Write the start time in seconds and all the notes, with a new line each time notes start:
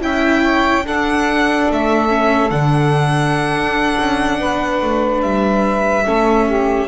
0.00 C#4 E4 E5 G5
0.42 C#5
0.82 D4 A4 F#5
1.71 A3 E5
2.08 C#4
2.50 D3 D4 F#5
3.54 D4
3.98 C#4
4.39 B3 B4
4.81 A3
5.21 G3 E5
6.05 A3 C#4 A4
6.46 G4